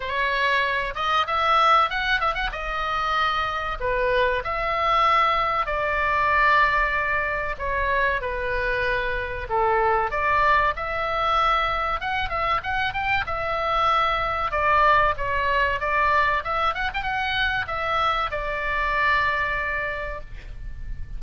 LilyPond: \new Staff \with { instrumentName = "oboe" } { \time 4/4 \tempo 4 = 95 cis''4. dis''8 e''4 fis''8 e''16 fis''16 | dis''2 b'4 e''4~ | e''4 d''2. | cis''4 b'2 a'4 |
d''4 e''2 fis''8 e''8 | fis''8 g''8 e''2 d''4 | cis''4 d''4 e''8 fis''16 g''16 fis''4 | e''4 d''2. | }